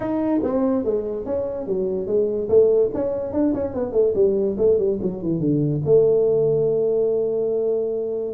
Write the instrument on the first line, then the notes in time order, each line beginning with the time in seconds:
tuba
0.00 D#4
0.43 C4
0.84 G#3
1.25 C#4
1.66 F#3
2.06 G#3
2.48 A3
2.94 C#4
3.32 D4
3.54 C#4
3.73 B3
3.92 A3
4.14 G3
4.57 A3
4.78 G3
5.02 F#3
5.22 E3
5.40 D3
5.85 A3